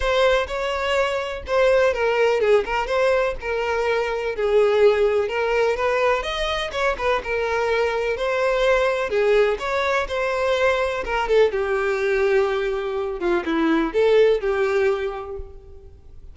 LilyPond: \new Staff \with { instrumentName = "violin" } { \time 4/4 \tempo 4 = 125 c''4 cis''2 c''4 | ais'4 gis'8 ais'8 c''4 ais'4~ | ais'4 gis'2 ais'4 | b'4 dis''4 cis''8 b'8 ais'4~ |
ais'4 c''2 gis'4 | cis''4 c''2 ais'8 a'8 | g'2.~ g'8 f'8 | e'4 a'4 g'2 | }